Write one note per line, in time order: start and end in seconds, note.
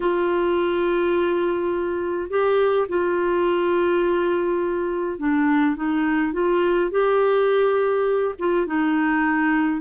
0.00 2.30 F4
2.30 2.87 G4
2.88 5.18 F4
5.18 5.76 D4
5.76 6.33 D#4
6.33 6.90 F4
6.90 8.34 G4
8.38 8.66 F4
8.66 9.81 D#4